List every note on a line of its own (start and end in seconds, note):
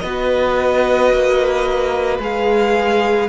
0.00 1.13 B3
0.00 2.21 F#4
0.00 3.30 B4
0.00 2.18 D#5
1.14 2.19 A#3
2.19 3.28 G#3
2.19 3.30 G#4
2.19 3.30 F5